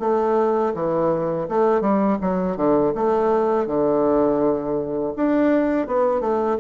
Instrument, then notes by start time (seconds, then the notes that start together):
bassoon
0.00 A3
0.75 E3
1.49 A3
1.81 G3
2.22 F#3
2.57 D3
2.95 A3
3.67 D3
5.17 D4
5.87 B3
6.21 A3